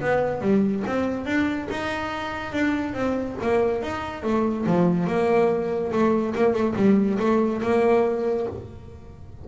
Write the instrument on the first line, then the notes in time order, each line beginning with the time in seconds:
double bass
0.00 B3
0.41 G3
0.86 C4
1.25 D4
1.70 D#4
2.52 D4
2.93 C4
3.41 A#3
3.82 D#4
4.23 A3
4.66 F3
5.06 A#3
5.91 A3
6.34 A#3
6.53 A3
6.75 G3
7.19 A3
7.62 A#3